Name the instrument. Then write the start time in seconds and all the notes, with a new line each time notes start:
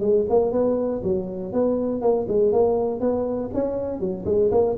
tuba
0.00 G#3
0.29 A#3
0.52 B3
1.03 F#3
1.52 B3
2.01 A#3
2.28 G#3
2.52 A#3
3.00 B3
3.54 C#4
4.00 F#3
4.25 G#3
4.51 A#3